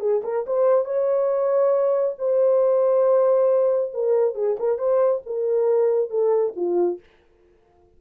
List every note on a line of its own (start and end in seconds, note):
0.00 0.22 G#4
0.24 0.45 A#4
0.46 0.85 C5
0.85 2.15 C#5
2.18 3.92 C5
3.94 4.35 A#4
4.35 4.57 G#4
4.59 4.78 A#4
4.78 5.22 C5
5.26 6.10 A#4
6.10 6.54 A4
6.56 6.99 F4